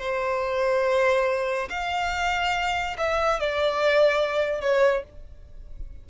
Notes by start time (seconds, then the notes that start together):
0.00 C5
1.70 F5
2.98 E5
3.40 D5
4.61 C#5